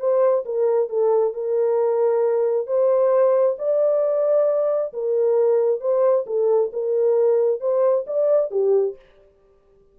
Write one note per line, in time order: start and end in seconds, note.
0.00 0.45 C5
0.45 0.90 A#4
0.90 1.34 A4
1.34 2.67 A#4
2.67 3.57 C5
3.59 4.93 D5
4.94 5.81 A#4
5.81 6.25 C5
6.27 6.71 A4
6.73 7.61 A#4
7.61 8.05 C5
8.07 8.51 D5
8.51 8.96 G4